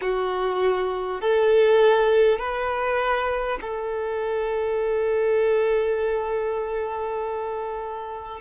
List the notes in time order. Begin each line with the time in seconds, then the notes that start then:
0.01 F#4
1.21 A4
2.38 B4
3.61 A4